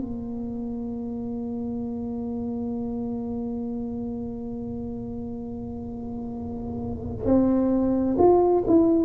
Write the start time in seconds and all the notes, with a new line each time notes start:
0.00 A#3
7.26 C4
8.18 F4
8.67 E4